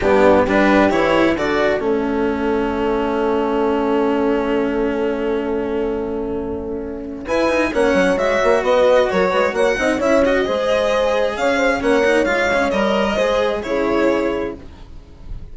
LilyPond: <<
  \new Staff \with { instrumentName = "violin" } { \time 4/4 \tempo 4 = 132 g'4 b'4 cis''4 d''4 | e''1~ | e''1~ | e''1 |
gis''4 fis''4 e''4 dis''4 | cis''4 fis''4 e''8 dis''4.~ | dis''4 f''4 fis''4 f''4 | dis''2 cis''2 | }
  \new Staff \with { instrumentName = "horn" } { \time 4/4 d'4 g'2 a'4~ | a'1~ | a'1~ | a'1 |
b'4 cis''2 b'4 | ais'8 b'8 cis''8 dis''8 cis''4 c''4~ | c''4 cis''8 c''8 cis''2~ | cis''4 c''4 gis'2 | }
  \new Staff \with { instrumentName = "cello" } { \time 4/4 b4 d'4 e'4 fis'4 | cis'1~ | cis'1~ | cis'1 |
e'8 dis'8 cis'4 fis'2~ | fis'4. dis'8 e'8 fis'8 gis'4~ | gis'2 cis'8 dis'8 f'8 cis'8 | ais'4 gis'4 e'2 | }
  \new Staff \with { instrumentName = "bassoon" } { \time 4/4 g,4 g4 e4 d4 | a1~ | a1~ | a1 |
e'4 ais8 fis8 gis8 ais8 b4 | fis8 gis8 ais8 c'8 cis'4 gis4~ | gis4 cis'4 ais4 gis4 | g4 gis4 cis2 | }
>>